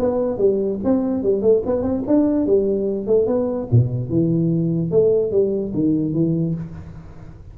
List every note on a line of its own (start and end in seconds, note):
0.00 0.38 B3
0.38 0.80 G3
0.85 1.23 C4
1.23 1.42 G3
1.42 1.63 A3
1.66 1.83 B3
1.83 2.03 C4
2.07 2.47 D4
2.47 3.07 G3
3.07 3.27 A3
3.27 3.68 B3
3.72 4.10 B2
4.10 4.91 E3
4.91 5.32 A3
5.32 5.73 G3
5.74 6.14 D#3
6.14 6.55 E3